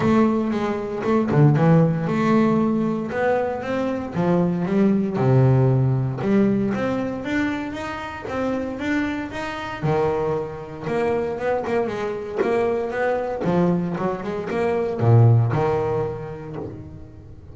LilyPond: \new Staff \with { instrumentName = "double bass" } { \time 4/4 \tempo 4 = 116 a4 gis4 a8 d8 e4 | a2 b4 c'4 | f4 g4 c2 | g4 c'4 d'4 dis'4 |
c'4 d'4 dis'4 dis4~ | dis4 ais4 b8 ais8 gis4 | ais4 b4 f4 fis8 gis8 | ais4 ais,4 dis2 | }